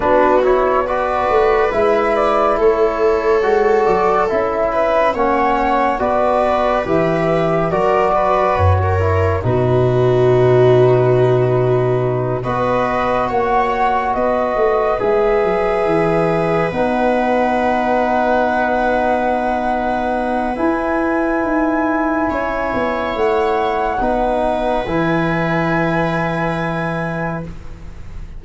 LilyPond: <<
  \new Staff \with { instrumentName = "flute" } { \time 4/4 \tempo 4 = 70 b'8 cis''8 d''4 e''8 d''8 cis''4~ | cis''8 d''8 e''4 fis''4 d''4 | e''4 d''4 cis''4 b'4~ | b'2~ b'8 dis''4 fis''8~ |
fis''8 dis''4 e''2 fis''8~ | fis''1 | gis''2. fis''4~ | fis''4 gis''2. | }
  \new Staff \with { instrumentName = "viola" } { \time 4/4 fis'4 b'2 a'4~ | a'4. b'8 cis''4 b'4~ | b'4 ais'8 b'8. ais'8. fis'4~ | fis'2~ fis'8 b'4 cis''8~ |
cis''8 b'2.~ b'8~ | b'1~ | b'2 cis''2 | b'1 | }
  \new Staff \with { instrumentName = "trombone" } { \time 4/4 d'8 e'8 fis'4 e'2 | fis'4 e'4 cis'4 fis'4 | g'4 fis'4. e'8 dis'4~ | dis'2~ dis'8 fis'4.~ |
fis'4. gis'2 dis'8~ | dis'1 | e'1 | dis'4 e'2. | }
  \new Staff \with { instrumentName = "tuba" } { \time 4/4 b4. a8 gis4 a4 | gis8 fis8 cis'4 ais4 b4 | e4 fis4 fis,4 b,4~ | b,2~ b,8 b4 ais8~ |
ais8 b8 a8 gis8 fis8 e4 b8~ | b1 | e'4 dis'4 cis'8 b8 a4 | b4 e2. | }
>>